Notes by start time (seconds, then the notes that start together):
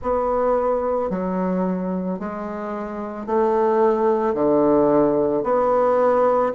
0.01 B3
1.10 F#3
2.19 G#3
3.26 A3
4.34 D3
5.43 B3